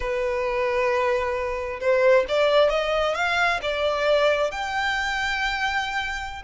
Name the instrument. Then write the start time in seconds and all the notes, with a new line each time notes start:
violin
0.00 B4
1.80 C5
2.28 D5
2.69 D#5
3.15 F5
3.62 D5
4.51 G5